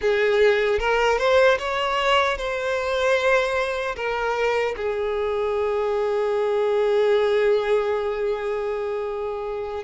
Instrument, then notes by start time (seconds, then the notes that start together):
violin
0.01 G#4
0.79 A#4
1.18 C5
1.58 C#5
2.37 C5
3.96 A#4
4.76 G#4